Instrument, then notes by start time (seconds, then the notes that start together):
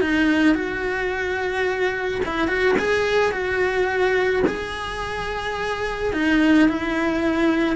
cello
0.00 D#4
0.54 F#4
2.25 E4
2.47 F#4
2.78 G#4
3.31 F#4
4.46 G#4
6.13 D#4
6.68 E4